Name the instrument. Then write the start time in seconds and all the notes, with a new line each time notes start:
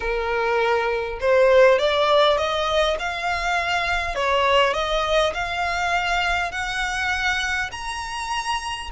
violin
0.00 A#4
1.20 C5
1.78 D5
2.37 D#5
2.99 F5
4.15 C#5
4.73 D#5
5.34 F5
6.51 F#5
7.71 A#5